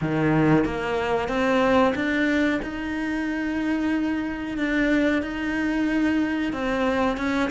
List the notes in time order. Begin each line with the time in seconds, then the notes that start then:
0.01 D#3
0.64 A#3
1.28 C4
1.95 D4
2.62 D#4
4.57 D4
5.22 D#4
6.52 C4
7.17 C#4